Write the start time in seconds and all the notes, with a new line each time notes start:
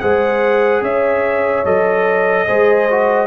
0.00 G#3 G#4 C5 F#5
0.82 C#4 C#5 E5
1.64 F#3 A4 D#5
2.47 G#3 G#4 C5
2.90 F#4